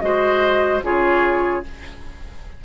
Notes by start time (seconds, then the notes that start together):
0.00 G#3 F#4 C5 D#5
0.83 C#3 F4 G#4 C#5